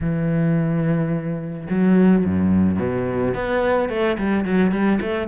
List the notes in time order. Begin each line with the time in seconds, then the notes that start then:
0.01 E3
1.70 F#3
2.25 F#2
2.79 B2
3.34 B3
3.89 A3
4.18 G3
4.44 F#3
4.71 G3
5.01 A3